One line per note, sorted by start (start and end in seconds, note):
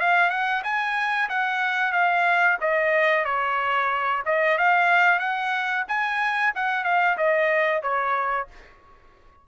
0.00 0.30 F5
0.30 0.63 F#5
0.64 1.29 G#5
1.29 1.92 F#5
1.92 2.58 F5
2.61 3.25 D#5
3.25 4.23 C#5
4.26 4.58 D#5
4.58 5.20 F5
5.20 5.85 F#5
5.88 6.53 G#5
6.55 6.84 F#5
6.84 7.17 F5
7.17 7.83 D#5
7.83 8.48 C#5